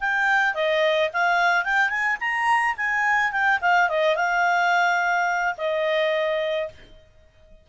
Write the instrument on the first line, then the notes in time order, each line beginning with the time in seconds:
clarinet
0.00 G5
0.55 D#5
1.13 F5
1.64 G5
1.90 G#5
2.20 A#5
2.77 G#5
3.32 G5
3.62 F5
3.89 D#5
4.16 F5
5.58 D#5